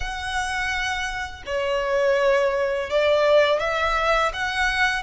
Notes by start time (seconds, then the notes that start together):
0.00 F#5
1.46 C#5
2.90 D5
3.59 E5
4.33 F#5